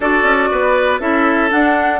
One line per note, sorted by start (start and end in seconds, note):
0.00 0.23 D4
0.00 1.00 F#4
0.00 0.49 A4
0.00 1.00 D5
0.23 0.48 C#4
0.51 0.99 B3
0.51 1.00 B4
0.99 1.49 C#4
0.99 1.50 E4
0.99 2.00 A4
0.99 1.50 E5
1.50 2.00 D4
1.50 2.00 F#5